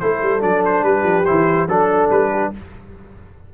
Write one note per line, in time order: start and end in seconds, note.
0.00 0.22 A3
0.00 0.41 E4
0.00 0.86 A4
0.00 0.42 C5
0.22 0.43 G3
0.41 0.83 F#3
0.41 1.24 D4
0.41 0.64 D5
0.66 0.84 C5
0.83 1.04 G3
0.83 1.69 G4
0.83 1.26 B4
1.04 1.25 F3
1.26 1.68 E3
1.26 1.69 E4
1.26 1.67 C5
1.68 2.10 F#3
1.68 2.54 D4
1.68 2.10 A4
1.68 2.31 A4
2.10 2.52 G3
2.10 2.52 B4
2.31 2.52 G4